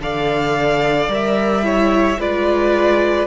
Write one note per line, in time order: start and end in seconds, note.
0.00 1.08 D3
0.00 1.09 A4
0.00 1.65 D5
0.00 1.11 F5
1.08 2.17 G3
1.08 1.63 A#4
1.08 2.21 E5
1.63 2.17 E4
1.63 2.19 C#5
2.19 3.27 G#3
2.19 3.27 F4
2.19 3.27 B4
2.19 3.27 D5